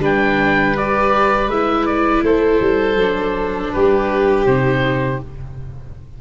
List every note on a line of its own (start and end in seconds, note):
0.00 1.47 G3
0.00 0.75 D4
0.00 2.24 B4
0.00 0.77 G5
0.77 1.52 G4
0.77 1.50 D5
1.47 2.21 G#3
1.47 2.99 E4
1.47 1.86 E5
1.86 2.23 D5
2.23 2.60 A3
2.23 3.73 A4
2.23 3.73 C5
2.60 2.96 G3
2.96 3.70 F#3
2.96 4.47 D4
3.73 4.46 G3
3.73 5.21 G4
3.73 4.46 B4
4.46 5.20 C3
4.46 5.21 D#4
4.46 5.20 C5